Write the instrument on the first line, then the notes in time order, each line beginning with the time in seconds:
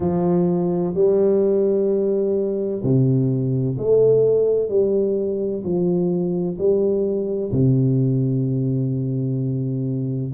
tuba
0.00 F3
0.94 G3
2.83 C3
3.78 A3
4.69 G3
5.63 F3
6.58 G3
7.52 C3